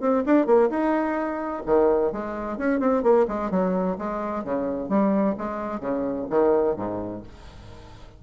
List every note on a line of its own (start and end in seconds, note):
0.00 0.23 C4
0.25 0.46 D4
0.46 0.69 A#3
0.69 1.62 D#4
1.66 2.12 D#3
2.12 2.58 G#3
2.58 2.79 C#4
2.79 3.03 C4
3.03 3.26 A#3
3.27 3.51 G#3
3.51 3.97 F#3
3.98 4.44 G#3
4.44 4.89 C#3
4.89 5.35 G3
5.37 5.80 G#3
5.80 6.27 C#3
6.30 6.76 D#3
6.76 7.23 G#2